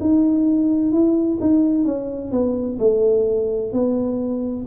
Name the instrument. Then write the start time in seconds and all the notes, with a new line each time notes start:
tuba
0.00 D#4
0.92 E4
1.41 D#4
1.85 C#4
2.31 B3
2.79 A3
3.72 B3